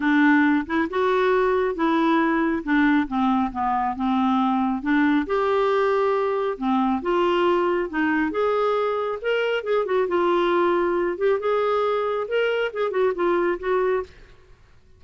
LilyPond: \new Staff \with { instrumentName = "clarinet" } { \time 4/4 \tempo 4 = 137 d'4. e'8 fis'2 | e'2 d'4 c'4 | b4 c'2 d'4 | g'2. c'4 |
f'2 dis'4 gis'4~ | gis'4 ais'4 gis'8 fis'8 f'4~ | f'4. g'8 gis'2 | ais'4 gis'8 fis'8 f'4 fis'4 | }